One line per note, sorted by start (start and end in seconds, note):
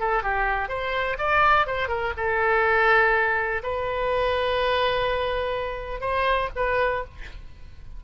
0.00 0.23 A4
0.23 0.69 G4
0.69 1.17 C5
1.19 1.67 D5
1.67 1.88 C5
1.88 2.13 A#4
2.17 3.62 A4
3.64 6.01 B4
6.01 6.49 C5
6.56 7.04 B4